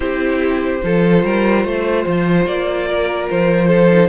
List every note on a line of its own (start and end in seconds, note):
0.00 0.81 C4
0.00 0.82 E4
0.00 0.82 G4
0.00 2.45 C5
0.83 1.24 F3
0.83 3.90 F4
0.83 1.24 A4
1.24 1.64 G3
1.24 1.65 A#4
1.64 2.05 A3
1.64 2.88 C5
2.06 2.46 F3
2.46 3.28 A#3
2.46 3.28 D5
2.88 3.67 A#4
3.30 4.08 F3
3.30 4.08 C5
3.67 4.08 A4
3.90 4.08 D#4